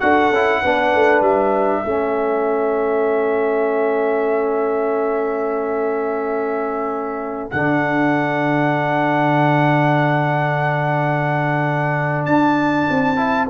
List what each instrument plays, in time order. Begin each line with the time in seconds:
0.00 tuba D4, trombone F#4, horn A4, trumpet F#5
0.31 tuba C#4, trombone E4
0.63 tuba B3, trombone D4, horn B4
0.95 tuba A3
1.21 tuba G3, trumpet E5
1.83 tuba A3, trombone C#4, horn A4
7.51 tuba D3, trombone D4, trumpet F#5
12.26 tuba D4, trumpet A5
12.90 tuba C4
13.17 trombone E4